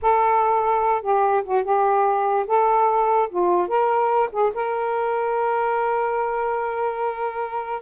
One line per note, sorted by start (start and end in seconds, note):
0.01 1.02 A4
1.02 1.43 G4
1.43 1.63 F#4
1.63 2.46 G4
2.47 3.29 A4
3.29 3.68 F4
3.68 4.29 A#4
4.32 4.52 G#4
4.54 7.82 A#4